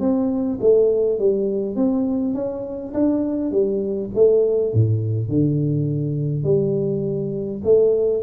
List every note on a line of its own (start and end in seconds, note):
0.00 0.59 C4
0.61 1.20 A3
1.20 1.76 G3
1.76 2.34 C4
2.34 2.93 C#4
2.94 3.52 D4
3.52 4.10 G3
4.15 4.74 A3
4.74 5.29 A2
5.29 6.44 D3
6.44 7.62 G3
7.64 8.23 A3